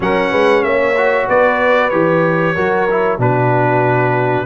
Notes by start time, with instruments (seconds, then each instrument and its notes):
0.00 tuba F#3, trombone C#4, horn A#4, trumpet F#5
0.31 tuba G#3, horn B4
0.63 tuba A#3, horn C#5, trumpet E5
0.97 trombone F#4
1.28 tuba B3, horn B4, trumpet D5
1.89 tuba E3, trombone G4, trumpet C#5
2.54 tuba F#3, trombone F#4, horn A#4
2.90 trombone E4
3.18 tuba B2, trombone D4, horn F#4, trumpet B4